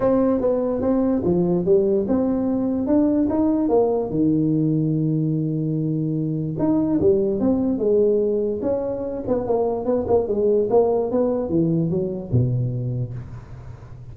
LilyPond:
\new Staff \with { instrumentName = "tuba" } { \time 4/4 \tempo 4 = 146 c'4 b4 c'4 f4 | g4 c'2 d'4 | dis'4 ais4 dis2~ | dis1 |
dis'4 g4 c'4 gis4~ | gis4 cis'4. b8 ais4 | b8 ais8 gis4 ais4 b4 | e4 fis4 b,2 | }